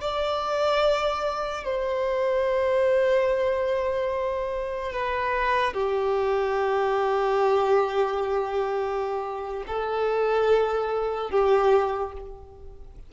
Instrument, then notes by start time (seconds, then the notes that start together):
violin
0.00 D5
1.64 C5
4.92 B4
5.73 G4
9.66 A4
11.30 G4